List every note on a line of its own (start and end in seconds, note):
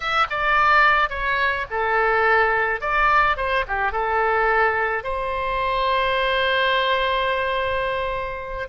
0.00 0.26 E5
0.30 1.09 D5
1.09 1.65 C#5
1.70 2.80 A4
2.80 3.36 D5
3.36 3.64 C5
3.67 3.92 G4
3.92 5.03 A4
5.03 8.68 C5